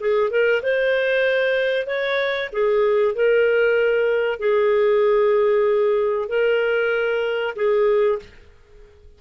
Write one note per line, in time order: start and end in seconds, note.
0.00 0.30 G#4
0.30 0.62 A#4
0.63 1.87 C5
1.87 2.50 C#5
2.53 3.15 G#4
3.15 4.40 A#4
4.40 6.28 G#4
6.28 7.55 A#4
7.56 8.19 G#4